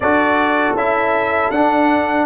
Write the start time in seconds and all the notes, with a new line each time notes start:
0.00 D4 F#4 A4 D5
0.73 C#4 E4 E5
1.50 D4 F#5